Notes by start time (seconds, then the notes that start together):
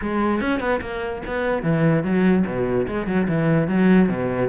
0.01 G#3
0.40 C#4
0.59 B3
0.81 A#3
1.26 B3
1.62 E3
2.03 F#3
2.46 B2
2.87 G#3
3.06 F#3
3.27 E3
3.67 F#3
4.09 B2